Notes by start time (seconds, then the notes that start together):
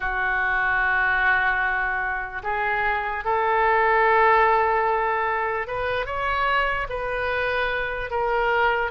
0.00 F#4
2.43 G#4
3.24 A4
5.67 B4
6.06 C#5
6.89 B4
8.10 A#4